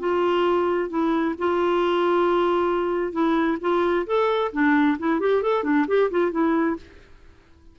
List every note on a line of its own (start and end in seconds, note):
0.00 0.90 F4
0.90 1.35 E4
1.39 3.13 F4
3.13 3.58 E4
3.61 4.06 F4
4.07 4.52 A4
4.53 4.98 D4
4.99 5.20 E4
5.20 5.43 G4
5.43 5.64 A4
5.64 5.86 D4
5.88 6.11 G4
6.11 6.32 F4
6.32 6.77 E4